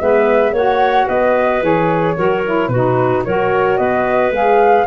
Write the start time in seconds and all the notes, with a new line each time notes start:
0.00 G#3 B3 B4 E5
0.53 A#3 F#4 C#5 F#5
1.06 B3 B4 D#5
1.62 E3 G#4 C#5
2.17 F#3 F#4 A#4
2.45 E4
2.68 B2 F#4 B4
2.75 D#4
3.25 F#3 F#4 A#4 C#5
3.78 B3 B4 D#5
4.31 G#3 G#4 F5